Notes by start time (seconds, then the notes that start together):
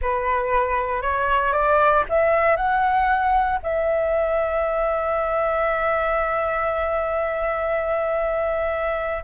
0.01 B4
1.01 C#5
1.52 D5
2.09 E5
2.56 F#5
3.62 E5